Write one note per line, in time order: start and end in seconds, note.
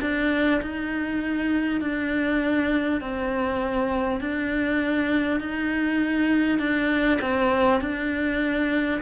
0.00 0.60 D4
0.61 1.80 D#4
1.80 3.00 D4
3.01 4.20 C4
4.20 5.40 D4
5.40 6.58 D#4
6.58 7.18 D4
7.21 7.81 C4
7.81 9.01 D4